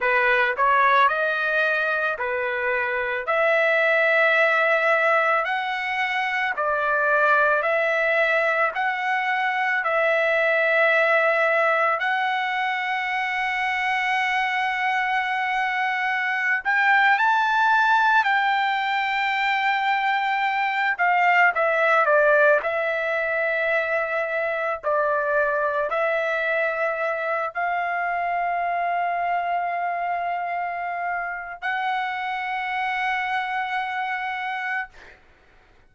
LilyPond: \new Staff \with { instrumentName = "trumpet" } { \time 4/4 \tempo 4 = 55 b'8 cis''8 dis''4 b'4 e''4~ | e''4 fis''4 d''4 e''4 | fis''4 e''2 fis''4~ | fis''2.~ fis''16 g''8 a''16~ |
a''8. g''2~ g''8 f''8 e''16~ | e''16 d''8 e''2 d''4 e''16~ | e''4~ e''16 f''2~ f''8.~ | f''4 fis''2. | }